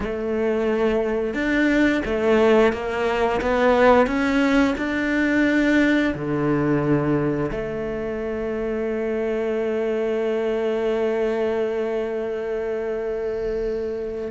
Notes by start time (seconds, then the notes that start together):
0.00 A3
1.34 D4
2.05 A3
2.72 A#3
3.41 B3
4.06 C#4
4.77 D4
6.14 D3
7.51 A3